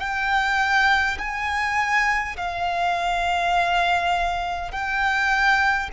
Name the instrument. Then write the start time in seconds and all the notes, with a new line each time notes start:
violin
0.00 G5
1.19 G#5
2.37 F5
4.72 G5